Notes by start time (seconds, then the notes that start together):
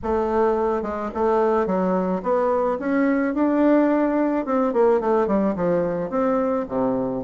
0.02 A3
0.82 G#3
1.14 A3
1.66 F#3
2.22 B3
2.79 C#4
3.34 D4
4.45 C4
4.73 A#3
5.00 A3
5.27 G3
5.55 F3
6.10 C4
6.68 C3